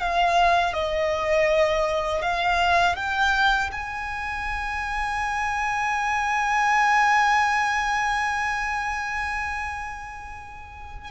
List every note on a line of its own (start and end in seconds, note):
0.00 0.73 F5
0.73 2.22 D#5
2.22 2.96 F5
2.96 3.70 G5
3.72 11.11 G#5